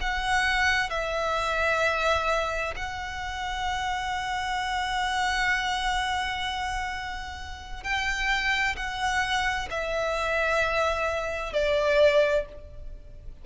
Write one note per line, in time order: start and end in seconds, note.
0.00 0.89 F#5
0.89 2.74 E5
2.76 7.83 F#5
7.83 8.75 G5
8.76 9.68 F#5
9.70 11.53 E5
11.53 12.45 D5